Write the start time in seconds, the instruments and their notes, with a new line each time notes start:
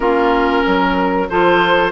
0.00 bassoon A#3, clarinet C#4, saxophone F4, oboe A#4
0.65 bassoon F#3, saxophone A#4
1.29 bassoon F3, clarinet F4, saxophone A4, oboe C5